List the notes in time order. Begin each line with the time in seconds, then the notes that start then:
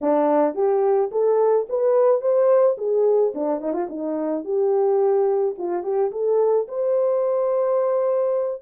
0.01 D4
0.55 G4
1.11 A4
1.69 B4
2.21 C5
2.77 G#4
3.34 D4
3.61 D#4
3.73 F4
3.89 D#4
4.44 G4
5.57 F4
5.83 G4
6.11 A4
6.68 C5